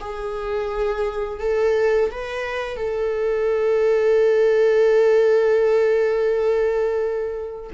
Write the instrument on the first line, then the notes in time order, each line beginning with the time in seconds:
viola
0.00 G#4
1.40 A4
2.11 B4
2.77 A4